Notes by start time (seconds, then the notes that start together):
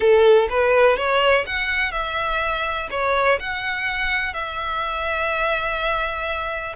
0.00 A4
0.49 B4
0.97 C#5
1.46 F#5
1.91 E5
2.91 C#5
3.39 F#5
4.33 E5